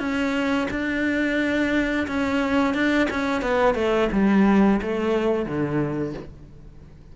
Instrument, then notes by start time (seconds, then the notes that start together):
cello
0.00 C#4
0.71 D4
2.08 C#4
2.75 D4
3.11 C#4
3.42 B3
3.75 A3
4.13 G3
4.82 A3
5.46 D3